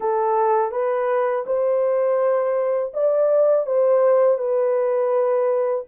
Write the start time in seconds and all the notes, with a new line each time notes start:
0.00 A4
0.71 B4
1.46 C5
2.93 D5
3.66 C5
4.38 B4